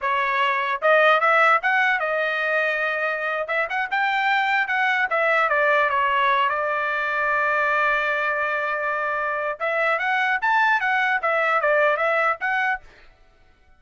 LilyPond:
\new Staff \with { instrumentName = "trumpet" } { \time 4/4 \tempo 4 = 150 cis''2 dis''4 e''4 | fis''4 dis''2.~ | dis''8. e''8 fis''8 g''2 fis''16~ | fis''8. e''4 d''4 cis''4~ cis''16~ |
cis''16 d''2.~ d''8.~ | d''1 | e''4 fis''4 a''4 fis''4 | e''4 d''4 e''4 fis''4 | }